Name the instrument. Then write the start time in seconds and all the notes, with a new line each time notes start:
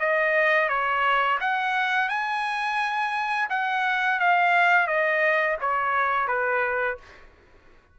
trumpet
0.00 D#5
0.69 C#5
1.41 F#5
2.09 G#5
3.50 F#5
4.20 F5
4.87 D#5
5.61 C#5
6.28 B4